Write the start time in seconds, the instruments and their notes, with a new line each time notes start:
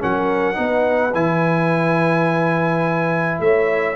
0.00 tuba F#3, trombone C#4, horn A#4, trumpet F#5
0.54 tuba B3, trombone D#4, horn B4
1.14 tuba E3, trombone E4, trumpet G#5
3.40 tuba A3, horn C#5, trumpet E5